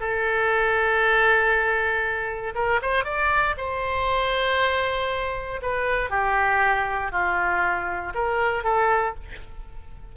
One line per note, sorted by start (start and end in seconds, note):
0.00 2.54 A4
2.55 2.81 A#4
2.82 3.04 C5
3.04 3.55 D5
3.58 5.61 C5
5.62 6.10 B4
6.10 7.12 G4
7.12 8.14 F4
8.15 8.64 A#4
8.64 9.15 A4